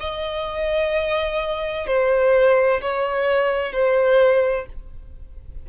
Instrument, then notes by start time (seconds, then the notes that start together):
violin
0.00 D#5
1.87 C5
2.81 C#5
3.72 C5